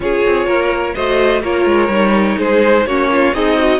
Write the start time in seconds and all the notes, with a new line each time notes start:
0.00 C#4 F4 G#4 C#5
0.25 C4
0.46 A#3 A#4
0.94 A3 F#4 C5 D#5
1.42 A#3 F4 A#4 C#5
1.65 G#3
1.88 G3 D#4
2.37 G#3 G#4 C5
2.85 A#3 C#4 F#4 C#5
3.11 F4
3.33 C4 D#4 G#4 D#5
3.59 F#4